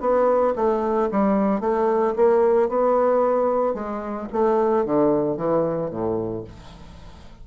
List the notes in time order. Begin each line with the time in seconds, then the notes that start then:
0.00 B3
0.55 A3
1.11 G3
1.60 A3
2.16 A#3
2.68 B3
3.74 G#3
4.32 A3
4.85 D3
5.36 E3
5.90 A2